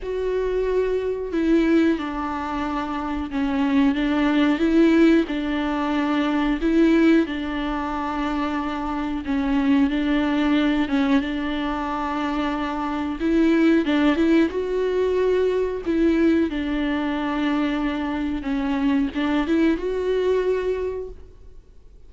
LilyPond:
\new Staff \with { instrumentName = "viola" } { \time 4/4 \tempo 4 = 91 fis'2 e'4 d'4~ | d'4 cis'4 d'4 e'4 | d'2 e'4 d'4~ | d'2 cis'4 d'4~ |
d'8 cis'8 d'2. | e'4 d'8 e'8 fis'2 | e'4 d'2. | cis'4 d'8 e'8 fis'2 | }